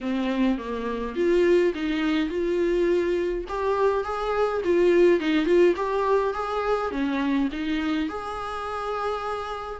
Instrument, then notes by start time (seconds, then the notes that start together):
viola
0.01 C4
0.57 A#3
1.15 F4
1.74 D#4
2.29 F4
3.48 G4
4.04 G#4
4.64 F4
5.19 D#4
5.45 F4
5.76 G4
6.33 G#4
6.91 C#4
7.52 D#4
8.08 G#4